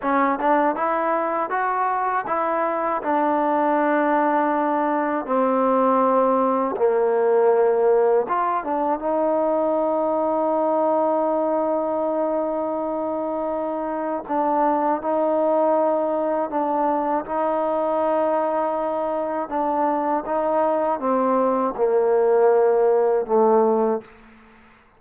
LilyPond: \new Staff \with { instrumentName = "trombone" } { \time 4/4 \tempo 4 = 80 cis'8 d'8 e'4 fis'4 e'4 | d'2. c'4~ | c'4 ais2 f'8 d'8 | dis'1~ |
dis'2. d'4 | dis'2 d'4 dis'4~ | dis'2 d'4 dis'4 | c'4 ais2 a4 | }